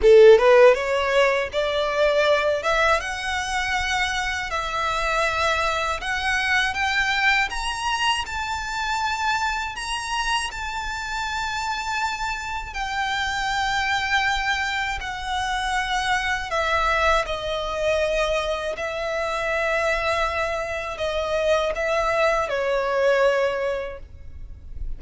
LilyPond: \new Staff \with { instrumentName = "violin" } { \time 4/4 \tempo 4 = 80 a'8 b'8 cis''4 d''4. e''8 | fis''2 e''2 | fis''4 g''4 ais''4 a''4~ | a''4 ais''4 a''2~ |
a''4 g''2. | fis''2 e''4 dis''4~ | dis''4 e''2. | dis''4 e''4 cis''2 | }